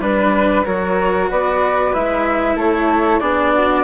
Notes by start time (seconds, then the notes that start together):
0.00 G3 D4 B4
0.65 F#3 F#4 A#4 C#5
1.30 B3 B4 D5
1.92 G#3 E4 E5
2.55 A3 A4 C#5
3.20 B3 D4 G#4 D5
3.53 F#4